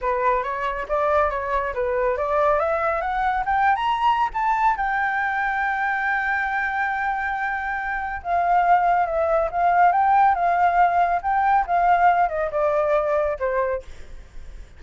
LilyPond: \new Staff \with { instrumentName = "flute" } { \time 4/4 \tempo 4 = 139 b'4 cis''4 d''4 cis''4 | b'4 d''4 e''4 fis''4 | g''8. ais''4~ ais''16 a''4 g''4~ | g''1~ |
g''2. f''4~ | f''4 e''4 f''4 g''4 | f''2 g''4 f''4~ | f''8 dis''8 d''2 c''4 | }